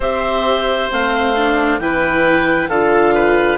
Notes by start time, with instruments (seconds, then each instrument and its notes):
0.00 bassoon C4, viola G4, oboe C5, clarinet E5
0.90 bassoon A3, viola C4, clarinet F5
1.36 viola D4
1.79 bassoon E3, viola E4, oboe B4, clarinet G5
2.68 bassoon D3, viola F4, oboe A4, clarinet F5
3.14 oboe B4